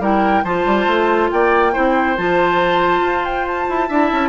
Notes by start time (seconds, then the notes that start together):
0.00 G3 E4 A#4 G5
0.44 F3 F4 C5 A5
0.66 G3
0.87 A3
1.31 A#3 D5 G5
1.73 C4 E4 C5
2.17 F3 F4 A5
3.02 F4
3.25 G5
3.48 A5
3.69 E4
3.89 D4 E4 E5
4.12 C#4